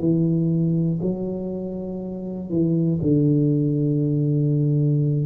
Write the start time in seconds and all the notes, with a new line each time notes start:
0.00 E3
1.02 F#3
2.50 E3
3.02 D3